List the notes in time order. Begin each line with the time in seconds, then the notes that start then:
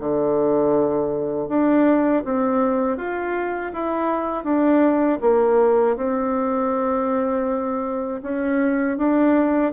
0.00 D3
1.48 D4
2.25 C4
2.97 F4
3.73 E4
4.44 D4
5.21 A#3
5.96 C4
8.23 C#4
8.98 D4